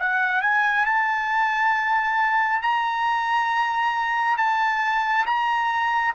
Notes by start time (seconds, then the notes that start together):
0.00 F#5
0.42 G#5
0.86 A5
2.62 A#5
4.38 A5
5.26 A#5